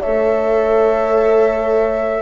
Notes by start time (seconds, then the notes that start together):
0.00 A4 C#5 E5
0.06 A3